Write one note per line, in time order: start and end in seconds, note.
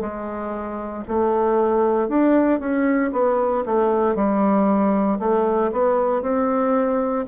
0.00 1.03 G#3
1.08 2.08 A3
2.08 2.60 D4
2.60 3.11 C#4
3.12 3.64 B3
3.65 4.15 A3
4.15 5.19 G3
5.19 5.71 A3
5.72 6.22 B3
6.22 7.25 C4